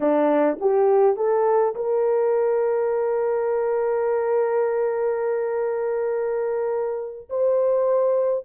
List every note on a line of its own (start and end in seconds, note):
0.00 0.58 D4
0.60 1.16 G4
1.16 1.74 A4
1.75 7.28 A#4
7.29 8.44 C5